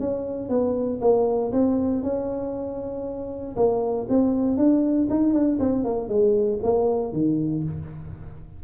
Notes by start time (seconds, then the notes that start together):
0.00 C#4
0.49 B3
1.01 A#3
1.53 C4
2.03 C#4
3.56 A#3
4.09 C4
4.57 D4
5.10 D#4
5.33 D4
5.59 C4
5.84 A#3
6.09 G#3
6.63 A#3
7.13 D#3